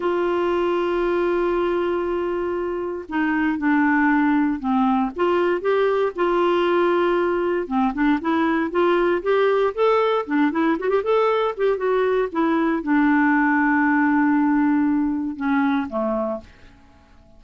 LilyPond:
\new Staff \with { instrumentName = "clarinet" } { \time 4/4 \tempo 4 = 117 f'1~ | f'2 dis'4 d'4~ | d'4 c'4 f'4 g'4 | f'2. c'8 d'8 |
e'4 f'4 g'4 a'4 | d'8 e'8 fis'16 g'16 a'4 g'8 fis'4 | e'4 d'2.~ | d'2 cis'4 a4 | }